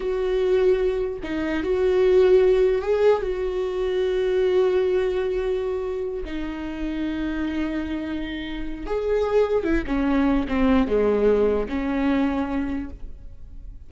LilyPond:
\new Staff \with { instrumentName = "viola" } { \time 4/4 \tempo 4 = 149 fis'2. dis'4 | fis'2. gis'4 | fis'1~ | fis'2.~ fis'8 dis'8~ |
dis'1~ | dis'2 gis'2 | e'8 cis'4. c'4 gis4~ | gis4 cis'2. | }